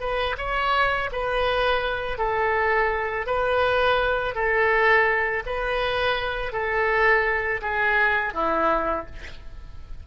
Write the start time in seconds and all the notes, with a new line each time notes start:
0.00 B4
0.38 C#5
1.12 B4
2.18 A4
3.26 B4
4.35 A4
5.46 B4
6.52 A4
7.62 G#4
8.34 E4